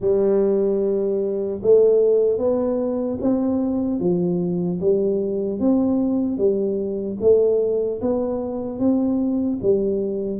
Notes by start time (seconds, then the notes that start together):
0.00 G3
1.62 A3
2.38 B3
3.20 C4
3.99 F3
4.80 G3
5.59 C4
6.37 G3
7.20 A3
8.01 B3
8.79 C4
9.62 G3